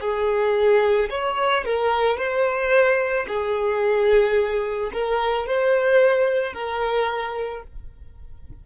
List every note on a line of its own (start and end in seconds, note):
0.00 1.09 G#4
1.10 1.64 C#5
1.65 2.17 A#4
2.17 3.26 C5
3.28 4.91 G#4
4.93 5.46 A#4
5.46 6.53 C5
6.53 7.62 A#4